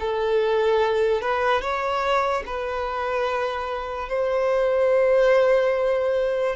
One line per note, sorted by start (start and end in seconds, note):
0.00 1.21 A4
1.21 1.61 B4
1.61 2.44 C#5
2.46 4.09 B4
4.09 6.56 C5